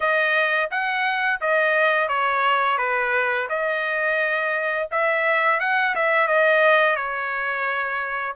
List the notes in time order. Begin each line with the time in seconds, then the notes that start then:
0.00 D#5
0.70 F#5
1.40 D#5
2.08 C#5
2.78 B4
3.49 D#5
4.91 E5
5.59 F#5
5.95 E5
6.27 D#5
6.96 C#5